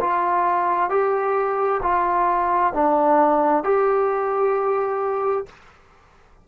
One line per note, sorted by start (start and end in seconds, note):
0.00 0.90 F4
0.90 1.81 G4
1.82 2.73 F4
2.74 3.64 D4
3.64 5.45 G4